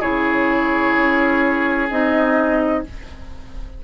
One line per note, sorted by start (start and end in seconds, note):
0.00 0.96 C#3
0.00 1.89 E4
0.00 2.81 G#4
0.00 1.89 C#5
0.97 1.90 C#4
1.90 2.84 C4
1.90 2.85 D#4
1.90 2.84 D#5